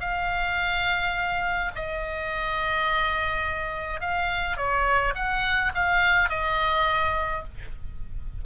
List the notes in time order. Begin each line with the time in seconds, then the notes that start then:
0.00 F5
1.75 D#5
4.01 F5
4.57 C#5
5.15 F#5
5.74 F5
6.30 D#5